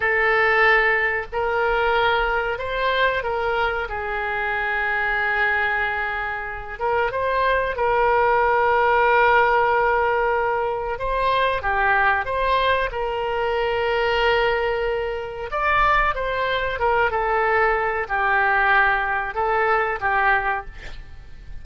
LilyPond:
\new Staff \with { instrumentName = "oboe" } { \time 4/4 \tempo 4 = 93 a'2 ais'2 | c''4 ais'4 gis'2~ | gis'2~ gis'8 ais'8 c''4 | ais'1~ |
ais'4 c''4 g'4 c''4 | ais'1 | d''4 c''4 ais'8 a'4. | g'2 a'4 g'4 | }